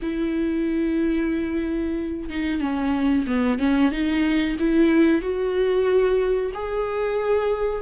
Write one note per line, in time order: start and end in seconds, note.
0.02 2.29 E4
2.29 2.60 D#4
2.60 3.25 C#4
3.26 3.59 B3
3.59 3.91 C#4
3.91 4.57 D#4
4.59 5.21 E4
5.21 6.52 F#4
6.54 7.81 G#4